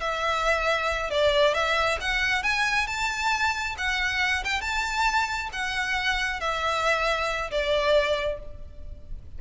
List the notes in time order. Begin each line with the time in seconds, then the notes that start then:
0.00 E5
1.10 D5
1.54 E5
2.00 F#5
2.43 G#5
2.87 A5
3.77 F#5
4.44 G5
4.61 A5
5.52 F#5
6.40 E5
7.51 D5